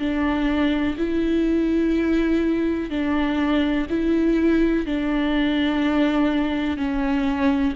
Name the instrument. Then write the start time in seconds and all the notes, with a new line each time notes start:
viola
0.00 D4
0.98 E4
2.90 D4
3.90 E4
4.87 D4
6.77 C#4